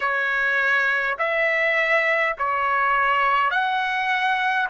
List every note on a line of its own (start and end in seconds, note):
0.00 1.17 C#5
1.18 2.36 E5
2.37 3.50 C#5
3.50 4.68 F#5